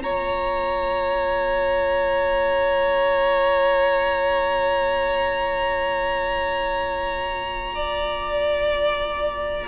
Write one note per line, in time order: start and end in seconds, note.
0.00 9.68 A#3
0.00 9.68 F4
0.00 7.75 C#5
0.00 9.68 A#5
7.75 9.68 D5